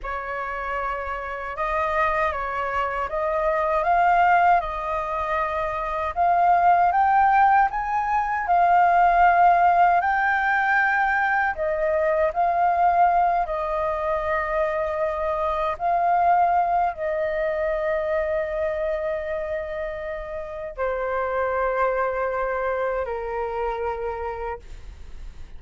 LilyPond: \new Staff \with { instrumentName = "flute" } { \time 4/4 \tempo 4 = 78 cis''2 dis''4 cis''4 | dis''4 f''4 dis''2 | f''4 g''4 gis''4 f''4~ | f''4 g''2 dis''4 |
f''4. dis''2~ dis''8~ | dis''8 f''4. dis''2~ | dis''2. c''4~ | c''2 ais'2 | }